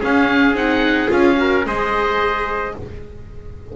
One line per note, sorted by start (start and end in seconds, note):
0.00 0.55 C#4
0.00 0.54 C#4
0.00 1.36 G#4
0.00 0.56 F5
0.54 1.08 C4
0.54 1.08 D#4
0.54 1.11 F#5
1.08 1.65 C#4
1.08 1.36 F4
1.08 1.66 F5
1.37 1.64 F#4
1.37 1.67 A#4
1.65 2.75 G#3
1.65 2.75 G#4
1.65 2.76 C5
1.65 2.76 D#5